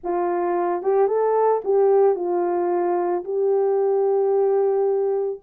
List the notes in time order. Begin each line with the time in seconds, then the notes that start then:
0.03 F4
0.82 G4
1.07 A4
1.64 G4
2.15 F4
3.24 G4